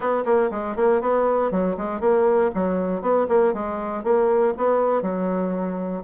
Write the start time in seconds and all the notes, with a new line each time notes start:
0.00 B3
0.25 A#3
0.50 G#3
0.76 A#3
1.01 B3
1.51 F#3
1.77 G#3
2.00 A#3
2.54 F#3
3.01 B3
3.28 A#3
3.53 G#3
4.03 A#3
4.57 B3
5.02 F#3